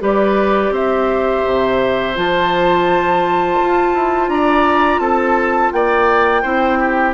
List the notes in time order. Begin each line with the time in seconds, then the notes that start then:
0.00 G3 G4 B4 D5
0.71 C4 C5 E5
1.46 C3
2.15 F3 F4 A5
3.61 F4
3.95 E4
4.28 D4 D5 A#5
4.99 C4 A4 A5
5.72 A#3 D5 G5
6.43 C4 E4 C5
6.80 G4